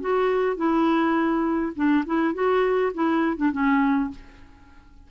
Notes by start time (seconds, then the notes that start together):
0.00 F#4
0.56 E4
1.75 D4
2.05 E4
2.34 F#4
2.94 E4
3.37 D4
3.52 C#4